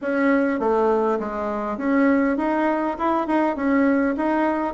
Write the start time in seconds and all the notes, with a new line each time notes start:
0.01 C#4
0.59 A3
1.19 G#3
1.77 C#4
2.37 D#4
2.98 E4
3.27 D#4
3.55 C#4
4.17 D#4